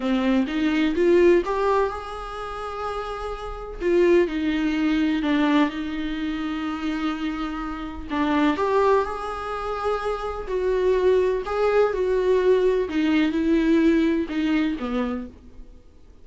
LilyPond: \new Staff \with { instrumentName = "viola" } { \time 4/4 \tempo 4 = 126 c'4 dis'4 f'4 g'4 | gis'1 | f'4 dis'2 d'4 | dis'1~ |
dis'4 d'4 g'4 gis'4~ | gis'2 fis'2 | gis'4 fis'2 dis'4 | e'2 dis'4 b4 | }